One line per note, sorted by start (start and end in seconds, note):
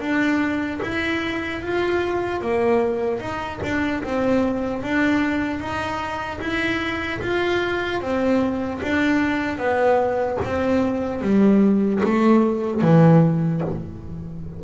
0.00 0.80 D4
0.82 1.62 E4
1.62 2.41 F4
2.41 3.20 A#3
3.20 3.60 D#4
3.63 4.03 D4
4.04 4.83 C4
4.83 5.60 D4
5.60 6.40 D#4
6.41 7.21 E4
7.21 8.01 F4
8.01 8.81 C4
8.82 9.58 D4
9.58 10.38 B3
10.45 11.21 C4
11.21 12.01 G3
12.03 12.81 A3
12.81 13.61 E3